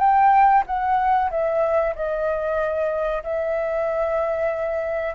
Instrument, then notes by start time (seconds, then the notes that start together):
flute
0.00 G5
0.67 F#5
1.31 E5
1.96 D#5
3.24 E5